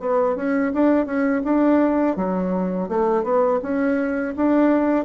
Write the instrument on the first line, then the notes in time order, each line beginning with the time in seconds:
bassoon
0.00 B3
0.36 C#4
0.74 D4
1.06 C#4
1.45 D4
2.17 F#3
2.89 A3
3.24 B3
3.63 C#4
4.36 D4